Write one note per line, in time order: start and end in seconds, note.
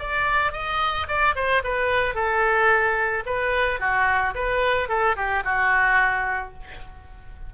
0.00 0.53 D5
0.53 1.07 D#5
1.08 1.35 D5
1.36 1.63 C5
1.64 2.15 B4
2.15 3.24 A4
3.26 3.80 B4
3.80 4.35 F#4
4.35 4.89 B4
4.89 5.16 A4
5.17 5.44 G4
5.45 6.54 F#4